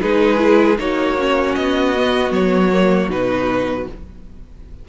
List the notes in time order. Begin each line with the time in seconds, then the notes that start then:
0.00 G#3 D#4 G#4 B4
0.37 E4
0.78 A#3 D#4 F#4 C#5
1.18 C#4
1.55 B3 D#5
1.96 B3
2.30 F#3 C#5
2.72 A#3
3.09 B2 D#4 B4